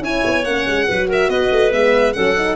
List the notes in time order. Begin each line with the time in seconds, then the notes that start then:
0.00 C#4 E4 C#5 G#5
0.24 B3
0.44 A#3 C#4 F#5
0.66 G#3
0.87 F#3 F#4 B4
1.08 A#4 E5
1.28 B3 B4 D#5
1.51 A3
1.71 G#3 B3 E5
2.13 F#3 C#4 A4 F#5
2.36 D#4